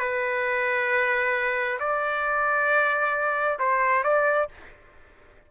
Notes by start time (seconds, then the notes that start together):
0.00 B4
1.80 D5
3.60 C5
4.04 D5